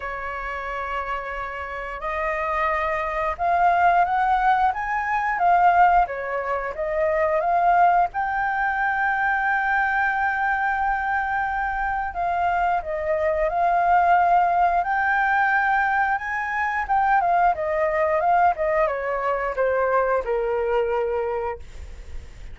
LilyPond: \new Staff \with { instrumentName = "flute" } { \time 4/4 \tempo 4 = 89 cis''2. dis''4~ | dis''4 f''4 fis''4 gis''4 | f''4 cis''4 dis''4 f''4 | g''1~ |
g''2 f''4 dis''4 | f''2 g''2 | gis''4 g''8 f''8 dis''4 f''8 dis''8 | cis''4 c''4 ais'2 | }